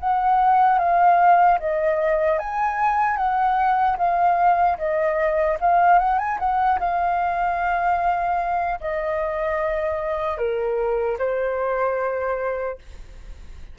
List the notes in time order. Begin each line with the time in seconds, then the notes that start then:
0.00 F#5
0.79 F5
1.59 D#5
2.39 G#5
3.17 F#5
3.98 F5
4.78 D#5
5.60 F5
5.99 F#5
6.19 G#5
6.39 F#5
6.80 F5
8.80 D#5
10.38 A#4
11.19 C5